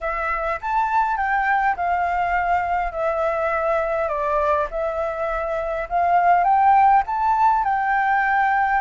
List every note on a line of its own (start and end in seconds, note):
0.00 0.59 E5
0.61 1.16 A5
1.16 1.75 G5
1.76 2.91 F5
2.91 4.08 E5
4.08 4.67 D5
4.70 5.88 E5
5.89 6.44 F5
6.44 7.02 G5
7.06 7.64 A5
7.64 8.81 G5